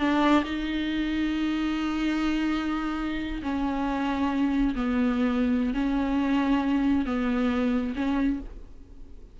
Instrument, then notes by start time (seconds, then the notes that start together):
viola
0.00 D4
0.44 D#4
3.43 C#4
4.75 B3
5.75 C#4
7.06 B3
7.96 C#4